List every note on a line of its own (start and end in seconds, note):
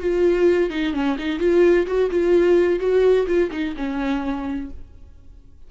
0.00 0.70 F4
0.70 0.93 D#4
0.93 1.17 C#4
1.19 1.40 D#4
1.40 1.86 F4
1.87 2.10 F#4
2.11 2.80 F4
2.80 3.27 F#4
3.27 3.50 F4
3.51 3.75 D#4
3.77 4.70 C#4